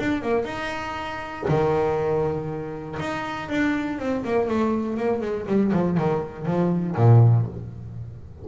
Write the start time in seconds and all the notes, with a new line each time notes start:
0.00 D4
0.23 A#3
0.45 D#4
1.49 D#3
3.00 D#4
3.50 D4
3.99 C4
4.25 A#3
4.49 A3
4.97 A#3
5.21 G#3
5.47 G3
5.73 F3
5.98 D#3
6.46 F3
6.96 A#2